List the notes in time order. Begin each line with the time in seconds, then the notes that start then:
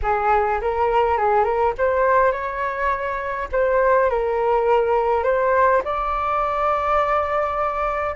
0.02 G#4
0.61 A#4
1.17 G#4
1.44 A#4
1.77 C5
2.32 C#5
3.51 C5
4.09 A#4
5.23 C5
5.84 D5